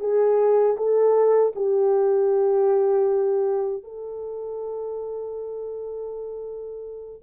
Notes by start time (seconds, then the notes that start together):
0.00 G#4
0.77 A4
1.55 G4
3.83 A4